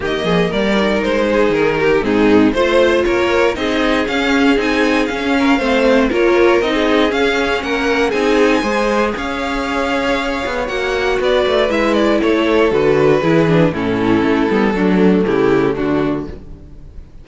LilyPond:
<<
  \new Staff \with { instrumentName = "violin" } { \time 4/4 \tempo 4 = 118 dis''4 d''4 c''4 ais'4 | gis'4 c''4 cis''4 dis''4 | f''4 gis''4 f''2 | cis''4 dis''4 f''4 fis''4 |
gis''2 f''2~ | f''4 fis''4 d''4 e''8 d''8 | cis''4 b'2 a'4~ | a'2 g'4 fis'4 | }
  \new Staff \with { instrumentName = "violin" } { \time 4/4 g'8 gis'8 ais'4. gis'4 g'8 | dis'4 c''4 ais'4 gis'4~ | gis'2~ gis'8 ais'8 c''4 | ais'4~ ais'16 gis'4.~ gis'16 ais'4 |
gis'4 c''4 cis''2~ | cis''2 b'2 | a'2 gis'4 e'4~ | e'4 d'4 e'4 d'4 | }
  \new Staff \with { instrumentName = "viola" } { \time 4/4 ais4. dis'2~ dis'8 | c'4 f'2 dis'4 | cis'4 dis'4 cis'4 c'4 | f'4 dis'4 cis'2 |
dis'4 gis'2.~ | gis'4 fis'2 e'4~ | e'4 fis'4 e'8 d'8 cis'4~ | cis'8 b8 a2. | }
  \new Staff \with { instrumentName = "cello" } { \time 4/4 dis8 f8 g4 gis4 dis4 | gis,4 a4 ais4 c'4 | cis'4 c'4 cis'4 a4 | ais4 c'4 cis'4 ais4 |
c'4 gis4 cis'2~ | cis'8 b8 ais4 b8 a8 gis4 | a4 d4 e4 a,4 | a8 g8 fis4 cis4 d4 | }
>>